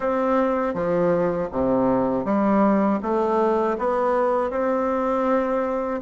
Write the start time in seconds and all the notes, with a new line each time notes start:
0.00 C4
0.73 F3
1.52 C3
2.24 G3
3.02 A3
3.78 B3
4.50 C4